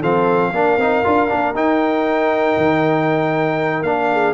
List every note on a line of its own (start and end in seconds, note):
0.00 0.52 F3
0.00 0.53 C4
0.00 0.51 A4
0.00 1.55 F5
0.52 0.77 A#3
0.52 0.79 D4
0.52 4.08 A#4
0.77 1.03 C4
0.77 1.04 D#4
1.04 1.31 D4
1.04 1.29 F4
1.29 1.54 A#3
1.29 1.54 D4
1.54 2.56 D#4
1.54 3.84 D#4
1.54 3.83 G5
2.57 3.82 D#3
3.82 4.33 A#3
3.82 4.34 D4
3.82 4.34 F5
4.12 4.34 G#4